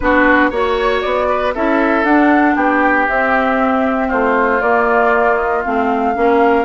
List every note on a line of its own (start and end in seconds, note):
0.00 0.51 B3
0.00 0.52 D4
0.00 0.50 F#4
0.00 0.51 B4
0.50 1.02 A#3
0.50 1.54 F#4
0.50 1.27 C#5
0.50 1.01 C#5
1.01 1.55 B3
1.01 1.53 D5
1.28 1.54 B4
1.54 2.04 C#4
1.54 2.06 E4
1.54 2.55 A4
1.54 2.04 E5
2.04 2.55 D4
2.04 3.08 D4
2.04 2.55 F#5
2.55 3.06 B3
2.55 4.07 G4
2.55 3.07 G5
3.08 4.60 C4
3.08 4.11 C4
3.08 4.10 E5
4.07 4.61 A3
4.07 6.12 F4
4.07 4.61 C5
4.60 5.63 A#3
4.60 5.36 D5
5.36 5.62 D#5
5.63 6.16 A3
5.63 6.14 C4
5.63 6.65 F5
6.14 6.65 A#3
6.14 6.65 C#4
6.14 6.65 A#4